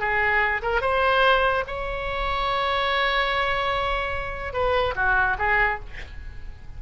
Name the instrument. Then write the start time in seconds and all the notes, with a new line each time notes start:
oboe
0.00 G#4
0.63 A#4
0.82 C5
1.68 C#5
4.54 B4
4.96 F#4
5.39 G#4